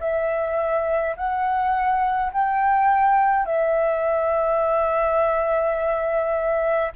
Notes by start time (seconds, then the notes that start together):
0.00 E5
1.16 F#5
2.32 G5
3.45 E5